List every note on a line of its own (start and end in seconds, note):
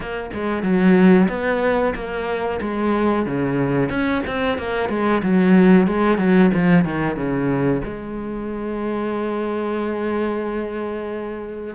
0.00 0.30 A#3
0.33 0.63 G#3
0.63 1.28 F#3
1.28 1.94 B3
1.94 2.59 A#3
2.61 3.26 G#3
3.26 3.89 C#3
3.89 4.22 C#4
4.26 4.57 C4
4.57 4.89 A#3
4.89 5.22 G#3
5.23 5.87 F#3
5.87 6.18 G#3
6.18 6.50 F#3
6.53 6.84 F3
6.84 7.16 D#3
7.16 7.81 C#3
7.84 11.74 G#3